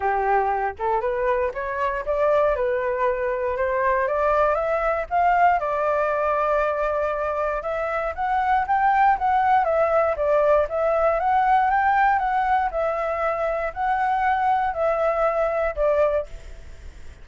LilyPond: \new Staff \with { instrumentName = "flute" } { \time 4/4 \tempo 4 = 118 g'4. a'8 b'4 cis''4 | d''4 b'2 c''4 | d''4 e''4 f''4 d''4~ | d''2. e''4 |
fis''4 g''4 fis''4 e''4 | d''4 e''4 fis''4 g''4 | fis''4 e''2 fis''4~ | fis''4 e''2 d''4 | }